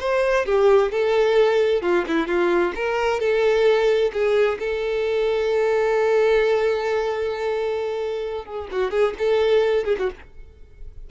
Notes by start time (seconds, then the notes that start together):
0.00 C5
0.46 G4
0.91 A4
1.82 F4
2.07 E4
2.27 F4
2.75 A#4
3.20 A4
4.12 G#4
4.59 A4
8.45 G#4
8.71 F#4
8.91 G#4
9.18 A4
9.84 G#4
9.99 F#4